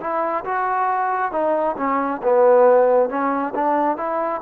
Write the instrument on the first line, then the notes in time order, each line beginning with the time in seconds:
trombone
0.00 E4
0.45 F#4
1.32 D#4
1.77 C#4
2.23 B3
3.09 C#4
3.55 D4
3.97 E4